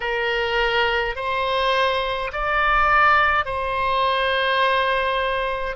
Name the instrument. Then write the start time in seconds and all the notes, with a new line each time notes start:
oboe
0.00 A#4
1.15 C5
2.32 D5
3.45 C5